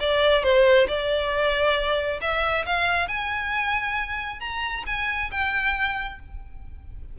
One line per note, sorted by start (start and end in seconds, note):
0.00 0.43 D5
0.43 0.87 C5
0.88 2.20 D5
2.21 2.65 E5
2.66 3.08 F5
3.08 4.40 G#5
4.40 4.84 A#5
4.86 5.31 G#5
5.31 6.19 G5